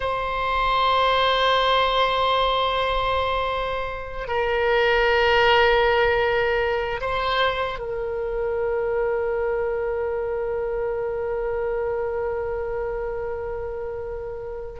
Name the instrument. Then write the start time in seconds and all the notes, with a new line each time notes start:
oboe
0.00 C5
4.27 A#4
7.01 C5
7.78 A#4